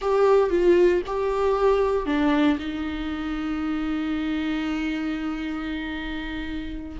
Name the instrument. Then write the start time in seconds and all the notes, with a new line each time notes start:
viola
0.01 G4
0.50 F4
1.06 G4
2.06 D4
2.58 D#4